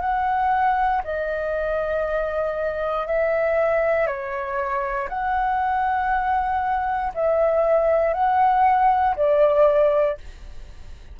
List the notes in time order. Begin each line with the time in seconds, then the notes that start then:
0.00 F#5
1.04 D#5
3.06 E5
4.06 C#5
5.08 F#5
7.14 E5
8.14 F#5
9.16 D5